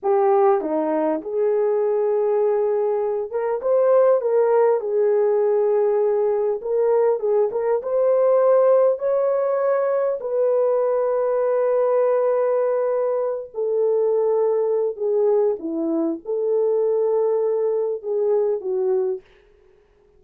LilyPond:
\new Staff \with { instrumentName = "horn" } { \time 4/4 \tempo 4 = 100 g'4 dis'4 gis'2~ | gis'4. ais'8 c''4 ais'4 | gis'2. ais'4 | gis'8 ais'8 c''2 cis''4~ |
cis''4 b'2.~ | b'2~ b'8 a'4.~ | a'4 gis'4 e'4 a'4~ | a'2 gis'4 fis'4 | }